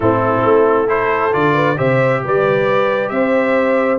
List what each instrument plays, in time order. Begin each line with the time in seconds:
0.00 tuba A2, trombone C4, horn E4, trumpet A4
0.43 tuba A3
0.87 trombone E4, horn A4, trumpet C5
1.32 tuba D3, trombone F4, trumpet D5
1.54 horn B4
1.76 tuba C3, trombone G4, horn C5, trumpet E5
2.24 tuba G3, horn B4, trumpet D5
3.09 tuba C4, horn C5, trumpet E5